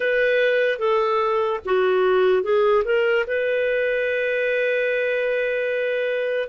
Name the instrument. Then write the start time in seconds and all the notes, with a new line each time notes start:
clarinet
0.00 B4
0.79 A4
1.65 F#4
2.43 G#4
2.84 A#4
3.27 B4